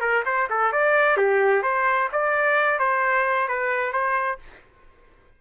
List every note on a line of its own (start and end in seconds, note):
0.00 0.23 A#4
0.25 0.48 C5
0.49 0.72 A4
0.72 1.17 D5
1.17 1.62 G4
1.62 2.09 C5
2.12 2.79 D5
2.79 3.48 C5
3.48 3.92 B4
3.92 4.38 C5